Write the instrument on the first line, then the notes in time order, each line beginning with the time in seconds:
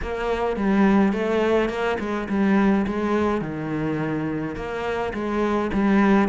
cello
0.02 A#3
0.56 G3
1.12 A3
1.69 A#3
1.99 G#3
2.29 G3
2.86 G#3
3.41 D#3
4.55 A#3
5.13 G#3
5.73 G3